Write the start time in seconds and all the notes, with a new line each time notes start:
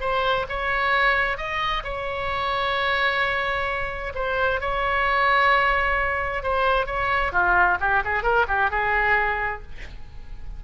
0.00 C5
0.49 C#5
1.37 D#5
1.84 C#5
4.15 C5
4.61 C#5
6.43 C5
6.86 C#5
7.32 F4
7.80 G4
8.05 G#4
8.23 A#4
8.48 G4
8.70 G#4